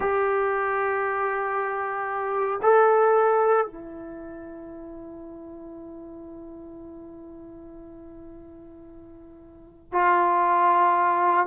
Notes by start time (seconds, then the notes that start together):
0.00 G4
2.62 A4
3.66 E4
9.92 F4